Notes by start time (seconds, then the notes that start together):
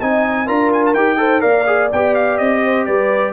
0.00 C4 D#4 D#5 G#5
0.46 D4 F4 A#4 A#5
0.72 G#5
0.85 A5
0.94 D#4 G4 G5
1.17 A4 C5
1.40 A#3 A#4 D5 F5
1.67 G#4
1.92 B3 G4 G5
2.14 F5
2.37 C4 D#5
2.64 C5
2.85 G3 B4 D5